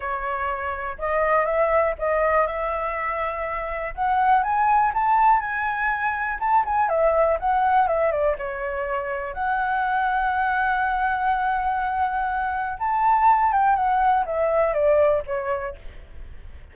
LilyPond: \new Staff \with { instrumentName = "flute" } { \time 4/4 \tempo 4 = 122 cis''2 dis''4 e''4 | dis''4 e''2. | fis''4 gis''4 a''4 gis''4~ | gis''4 a''8 gis''8 e''4 fis''4 |
e''8 d''8 cis''2 fis''4~ | fis''1~ | fis''2 a''4. g''8 | fis''4 e''4 d''4 cis''4 | }